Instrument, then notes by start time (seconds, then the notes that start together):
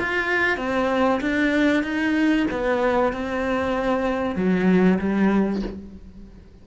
cello
0.00 F4
0.57 C4
1.21 D4
1.83 D#4
2.51 B3
3.13 C4
4.36 F#3
4.99 G3